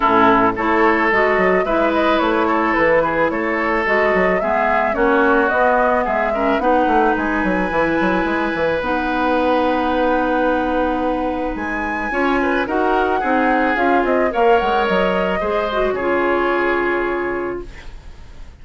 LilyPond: <<
  \new Staff \with { instrumentName = "flute" } { \time 4/4 \tempo 4 = 109 a'4 cis''4 dis''4 e''8 dis''8 | cis''4 b'4 cis''4 dis''4 | e''4 cis''4 dis''4 e''4 | fis''4 gis''2. |
fis''1~ | fis''4 gis''2 fis''4~ | fis''4 f''8 dis''8 f''8 fis''8 dis''4~ | dis''4 cis''2. | }
  \new Staff \with { instrumentName = "oboe" } { \time 4/4 e'4 a'2 b'4~ | b'8 a'4 gis'8 a'2 | gis'4 fis'2 gis'8 ais'8 | b'1~ |
b'1~ | b'2 cis''8 b'8 ais'4 | gis'2 cis''2 | c''4 gis'2. | }
  \new Staff \with { instrumentName = "clarinet" } { \time 4/4 cis'4 e'4 fis'4 e'4~ | e'2. fis'4 | b4 cis'4 b4. cis'8 | dis'2 e'2 |
dis'1~ | dis'2 f'4 fis'4 | dis'4 f'4 ais'2 | gis'8 fis'8 f'2. | }
  \new Staff \with { instrumentName = "bassoon" } { \time 4/4 a,4 a4 gis8 fis8 gis4 | a4 e4 a4 gis8 fis8 | gis4 ais4 b4 gis4 | b8 a8 gis8 fis8 e8 fis8 gis8 e8 |
b1~ | b4 gis4 cis'4 dis'4 | c'4 cis'8 c'8 ais8 gis8 fis4 | gis4 cis2. | }
>>